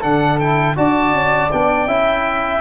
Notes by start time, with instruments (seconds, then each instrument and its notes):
0.00 tuba D3, trombone D4, flute A4, oboe F#5
0.39 trombone E4, oboe G5
0.76 tuba D4, trombone F#4, flute D5, oboe A5
1.13 tuba C#4
1.52 tuba B3, trombone D4, oboe G5
1.87 tuba C#4, trombone E4, flute E5